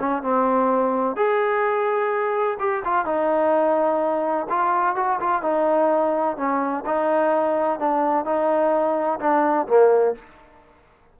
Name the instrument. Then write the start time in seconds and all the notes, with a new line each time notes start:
trombone
0.00 C#4
0.23 C4
1.17 G#4
2.60 G4
2.85 F4
3.06 D#4
4.50 F4
4.96 F#4
5.21 F4
5.43 D#4
6.38 C#4
6.86 D#4
7.80 D4
8.25 D#4
9.20 D4
9.68 A#3